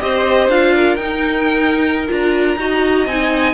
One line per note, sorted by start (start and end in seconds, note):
0.00 0.48 C4
0.00 0.50 G4
0.00 0.74 C5
0.00 0.49 D#5
0.48 0.97 D4
0.48 0.99 F4
0.48 0.96 F5
0.74 2.59 A#4
0.96 2.07 D#4
0.96 2.07 G5
2.07 2.57 D4
2.07 2.56 F4
2.07 3.07 A#5
2.57 3.05 D#4
2.57 3.08 F#4
2.57 3.54 D#5
3.05 3.54 C4
3.05 3.54 D#4
3.05 3.54 G#5